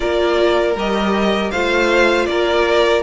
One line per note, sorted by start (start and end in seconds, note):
0.00 0.75 A#3
0.00 0.74 F4
0.00 1.51 A#4
0.00 0.76 D5
0.75 1.51 G3
0.75 1.54 G4
0.75 1.50 D#5
1.50 2.26 A3
1.50 3.03 F4
1.50 2.27 C5
1.50 2.26 F5
2.26 3.02 A#3
2.26 3.03 A#4
2.26 3.02 D5